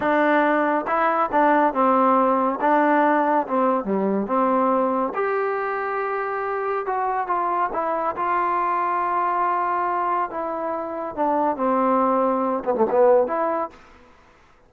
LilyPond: \new Staff \with { instrumentName = "trombone" } { \time 4/4 \tempo 4 = 140 d'2 e'4 d'4 | c'2 d'2 | c'4 g4 c'2 | g'1 |
fis'4 f'4 e'4 f'4~ | f'1 | e'2 d'4 c'4~ | c'4. b16 a16 b4 e'4 | }